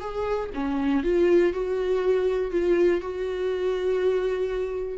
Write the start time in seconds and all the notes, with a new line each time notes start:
0.00 G#4
0.54 C#4
1.03 F4
1.53 F#4
2.51 F4
3.01 F#4